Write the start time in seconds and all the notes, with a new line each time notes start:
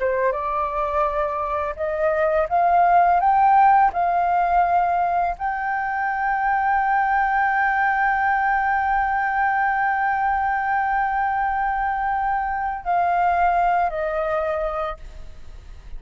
0.00 C5
0.32 D5
1.76 D#5
2.49 F5
3.20 G5
3.93 F5
5.39 G5
12.84 F5
13.90 D#5